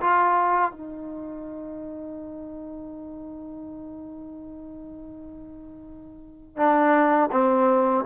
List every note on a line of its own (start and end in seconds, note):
0.00 0.71 F4
0.71 6.57 D#4
6.57 7.30 D4
7.31 8.05 C4